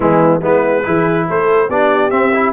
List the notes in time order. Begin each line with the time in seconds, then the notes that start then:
0.00 E3 G#3 B3 E4
0.41 G#3 B3 E4 B4
0.84 E3 E4 G#4
1.27 A3 A4 C5
1.68 B3 D4 G4 D5
2.10 C4 E5
2.33 E4